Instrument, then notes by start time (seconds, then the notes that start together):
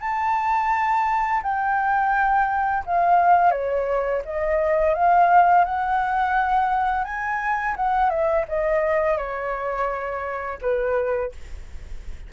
flute
0.00 A5
1.42 G5
2.86 F5
3.51 C#5
4.25 D#5
4.94 F5
5.64 F#5
7.04 G#5
7.76 F#5
8.10 E5
8.48 D#5
9.17 C#5
10.61 B4